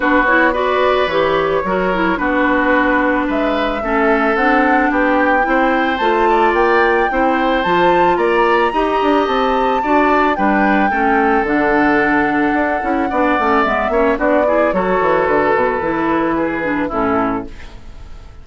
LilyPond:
<<
  \new Staff \with { instrumentName = "flute" } { \time 4/4 \tempo 4 = 110 b'8 cis''8 d''4 cis''2 | b'2 e''2 | fis''4 g''2 a''4 | g''2 a''4 ais''4~ |
ais''4 a''2 g''4~ | g''4 fis''2.~ | fis''4 e''4 d''4 cis''4 | b'2. a'4 | }
  \new Staff \with { instrumentName = "oboe" } { \time 4/4 fis'4 b'2 ais'4 | fis'2 b'4 a'4~ | a'4 g'4 c''4. d''8~ | d''4 c''2 d''4 |
dis''2 d''4 b'4 | a'1 | d''4. cis''8 fis'8 gis'8 a'4~ | a'2 gis'4 e'4 | }
  \new Staff \with { instrumentName = "clarinet" } { \time 4/4 d'8 e'8 fis'4 g'4 fis'8 e'8 | d'2. cis'4 | d'2 e'4 f'4~ | f'4 e'4 f'2 |
g'2 fis'4 d'4 | cis'4 d'2~ d'8 e'8 | d'8 cis'8 b8 cis'8 d'8 e'8 fis'4~ | fis'4 e'4. d'8 cis'4 | }
  \new Staff \with { instrumentName = "bassoon" } { \time 4/4 b2 e4 fis4 | b2 gis4 a4 | c'4 b4 c'4 a4 | ais4 c'4 f4 ais4 |
dis'8 d'8 c'4 d'4 g4 | a4 d2 d'8 cis'8 | b8 a8 gis8 ais8 b4 fis8 e8 | d8 b,8 e2 a,4 | }
>>